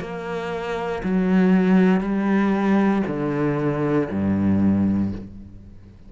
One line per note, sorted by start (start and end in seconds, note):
0.00 1.02 A#3
1.03 2.01 F#3
2.01 3.02 G3
3.07 4.09 D3
4.10 5.12 G2